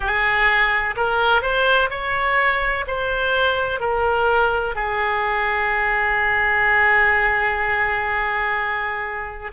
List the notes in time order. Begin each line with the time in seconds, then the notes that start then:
0.00 G#4
0.96 A#4
1.42 C5
1.90 C#5
2.87 C5
3.80 A#4
4.75 G#4